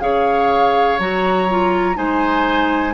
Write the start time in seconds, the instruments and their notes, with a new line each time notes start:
0.00 bassoon C#3, clarinet G#4, oboe C#5, flute F5
0.99 bassoon F#3, clarinet F#4, flute A#5
1.49 clarinet F4
1.95 bassoon G#3, clarinet D#4, oboe C5, flute G#5